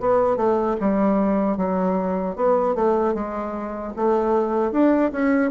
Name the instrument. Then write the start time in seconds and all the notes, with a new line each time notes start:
bassoon
0.00 B3
0.37 A3
0.80 G3
1.57 F#3
2.35 B3
2.75 A3
3.14 G#3
3.96 A3
4.72 D4
5.12 C#4